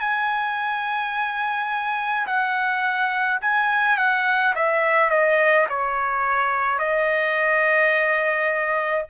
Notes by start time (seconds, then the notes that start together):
0.00 G#5
2.26 F#5
3.41 G#5
3.97 F#5
4.55 E5
5.10 D#5
5.69 C#5
6.79 D#5